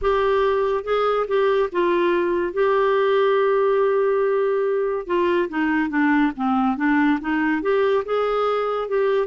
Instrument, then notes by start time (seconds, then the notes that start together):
clarinet
0.01 G4
0.84 G#4
1.27 G4
1.71 F4
2.53 G4
5.06 F4
5.49 D#4
5.89 D4
6.36 C4
6.76 D4
7.21 D#4
7.61 G4
8.05 G#4
8.88 G4